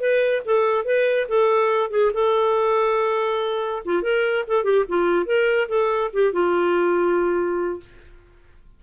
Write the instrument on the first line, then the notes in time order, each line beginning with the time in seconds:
clarinet
0.00 B4
0.45 A4
0.85 B4
1.28 A4
1.91 G#4
2.14 A4
3.85 F4
4.02 A#4
4.48 A4
4.64 G4
4.88 F4
5.25 A#4
5.69 A4
6.13 G4
6.32 F4